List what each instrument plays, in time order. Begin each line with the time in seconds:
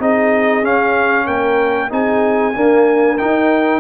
0.00 tuba C4, trombone D#4, horn G#4, trumpet D#5
0.63 trombone C#4, tuba C#4, trumpet F5
1.26 tuba A#3, horn A#4, trumpet G5
1.90 tuba C4, trombone D#4, horn G#4, trumpet G#5
2.54 trombone A#3, tuba D4, horn A#4
3.18 trombone D#4, tuba D#4, trumpet G5